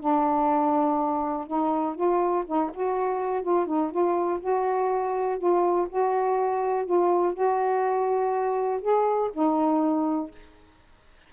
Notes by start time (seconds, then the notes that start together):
0.00 D4
1.47 D#4
1.95 F4
2.46 D#4
2.74 F#4
3.42 F4
3.66 D#4
3.91 F4
4.41 F#4
5.39 F4
5.89 F#4
6.86 F4
7.34 F#4
8.82 G#4
9.33 D#4